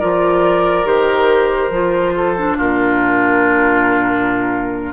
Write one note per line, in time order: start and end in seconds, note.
0.00 0.86 F3
0.00 0.85 F4
0.00 2.14 A#4
0.00 0.87 D5
0.85 1.70 D#3
0.85 1.71 G4
0.85 2.58 C5
1.70 2.56 F3
1.70 2.37 F4
2.16 2.57 A4
2.37 4.94 D4
2.57 4.94 A#2
2.57 4.93 F4
2.57 4.94 A#4